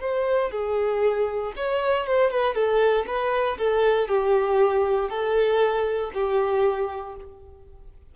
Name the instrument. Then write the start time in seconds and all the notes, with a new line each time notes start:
violin
0.00 C5
0.51 G#4
1.56 C#5
2.06 C5
2.30 B4
2.55 A4
3.06 B4
3.58 A4
4.08 G4
5.09 A4
6.14 G4